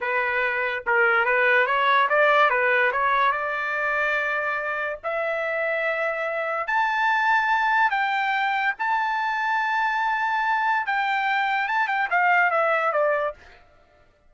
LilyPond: \new Staff \with { instrumentName = "trumpet" } { \time 4/4 \tempo 4 = 144 b'2 ais'4 b'4 | cis''4 d''4 b'4 cis''4 | d''1 | e''1 |
a''2. g''4~ | g''4 a''2.~ | a''2 g''2 | a''8 g''8 f''4 e''4 d''4 | }